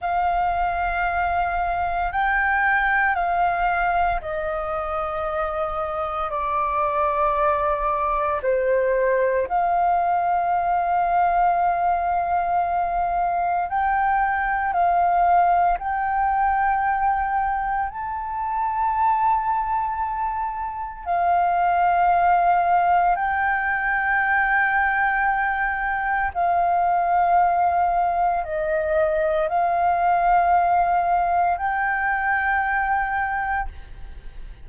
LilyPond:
\new Staff \with { instrumentName = "flute" } { \time 4/4 \tempo 4 = 57 f''2 g''4 f''4 | dis''2 d''2 | c''4 f''2.~ | f''4 g''4 f''4 g''4~ |
g''4 a''2. | f''2 g''2~ | g''4 f''2 dis''4 | f''2 g''2 | }